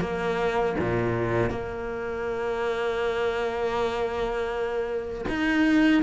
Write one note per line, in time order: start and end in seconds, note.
0.00 0.75 A#3
0.79 1.50 A#2
1.50 5.25 A#3
5.29 6.02 D#4